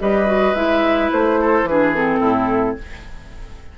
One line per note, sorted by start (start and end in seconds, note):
0.00 0.54 G3
0.00 0.26 G4
0.00 1.40 B4
0.00 0.54 D#5
0.26 0.54 F#4
0.54 1.10 G#3
0.54 1.66 E4
0.54 1.10 E5
1.12 1.63 A3
1.12 1.67 C5
1.41 1.68 A4
1.63 2.18 E3
1.63 1.94 D4
1.63 1.94 B4
1.69 2.19 G#4
1.94 2.77 C4
1.94 2.78 A4
2.19 2.76 A2
2.19 2.75 E4